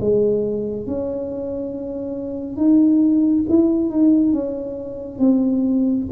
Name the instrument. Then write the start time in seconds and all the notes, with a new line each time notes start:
tuba
0.00 G#3
0.87 C#4
2.57 D#4
3.49 E4
3.90 D#4
4.33 C#4
5.19 C4